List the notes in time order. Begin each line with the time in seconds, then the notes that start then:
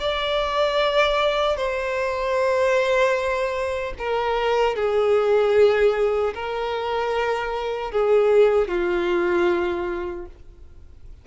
0.00 D5
1.56 C5
3.98 A#4
4.75 G#4
6.34 A#4
7.92 G#4
8.68 F4